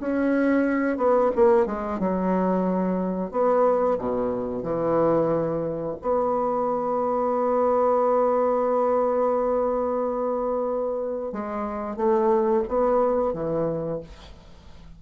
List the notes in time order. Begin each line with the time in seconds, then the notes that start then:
0.00 C#4
0.98 B3
1.36 A#3
1.66 G#3
1.99 F#3
3.32 B3
3.98 B2
4.63 E3
6.02 B3
11.33 G#3
11.97 A3
12.68 B3
13.33 E3